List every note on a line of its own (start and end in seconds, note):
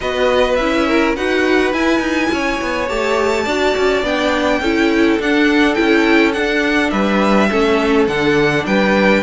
0.00 0.59 B3
0.00 0.59 F#4
0.00 0.87 B4
0.00 0.55 D#5
0.55 1.16 C#4
0.55 1.17 E4
0.55 1.12 E5
0.87 1.15 A#4
1.15 1.73 D#4
1.15 1.72 F#4
1.15 2.31 B4
1.15 1.73 F#5
1.72 2.87 E4
1.72 2.00 E4
1.72 2.88 G#5
2.00 2.29 D#4
2.31 2.60 C#4
2.31 3.44 C#5
2.61 2.89 B3
2.88 3.46 A3
2.88 3.45 G4
2.88 4.04 A5
3.44 3.74 D4
3.44 4.03 F#4
3.44 4.59 D5
3.76 4.03 C#4
4.03 4.60 B3
4.03 4.60 D4
4.03 5.20 G5
4.61 5.18 C#4
4.61 5.19 E4
4.61 6.92 A4
5.19 5.77 D4
5.19 5.75 D4
5.19 5.74 F#5
5.74 6.36 C#4
5.74 6.33 E4
5.74 6.32 G5
6.33 7.49 D4
6.33 6.92 D4
6.33 6.90 F#5
6.90 7.49 G3
6.90 7.49 B4
6.90 8.06 E5
7.50 8.07 A3
7.50 8.07 C#4
7.50 8.66 A4
8.07 8.65 D3
8.07 9.22 D4
8.07 8.65 F#5
8.66 9.22 G3
8.66 9.22 B4
8.66 9.22 G5